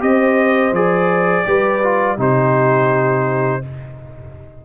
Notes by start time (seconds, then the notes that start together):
0.00 C4 G4 C5 D#5
0.72 F3 G#4 D5
1.46 G3 G4 B4
1.83 F4
2.18 C3 D#4 G4 C5